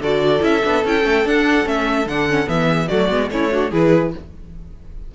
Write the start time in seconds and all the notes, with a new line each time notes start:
0.00 D3 F#4 A4 D5
0.41 C#4 E4 E5
0.64 B3 D4
0.85 C#4 E4 G5
1.03 A3 C#4
1.25 D4 F#5
1.65 A3 C#4 E5
2.07 D3 D4 F#5
2.29 C#4
2.47 E3 B3 E5
2.67 G#4
2.88 F#3 A3 F#4 D5
3.10 G#3 B3
3.31 A3 C#4 E4 C#5
3.52 D4 F#4
3.71 E3 E4 G#4 B4